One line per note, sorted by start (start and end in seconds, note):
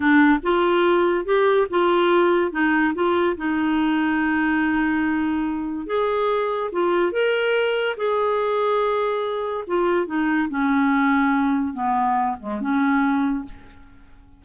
0.00 0.39 D4
0.42 1.25 F4
1.25 1.67 G4
1.70 2.51 F4
2.51 2.93 D#4
2.94 3.36 F4
3.36 5.86 D#4
5.86 6.70 G#4
6.72 7.12 F4
7.12 7.96 A#4
7.96 9.64 G#4
9.67 10.06 F4
10.06 10.48 D#4
10.49 11.73 C#4
11.73 12.36 B3
12.39 12.60 G#3
12.60 13.44 C#4